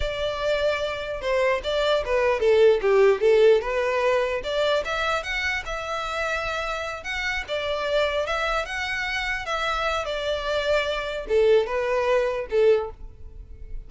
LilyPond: \new Staff \with { instrumentName = "violin" } { \time 4/4 \tempo 4 = 149 d''2. c''4 | d''4 b'4 a'4 g'4 | a'4 b'2 d''4 | e''4 fis''4 e''2~ |
e''4. fis''4 d''4.~ | d''8 e''4 fis''2 e''8~ | e''4 d''2. | a'4 b'2 a'4 | }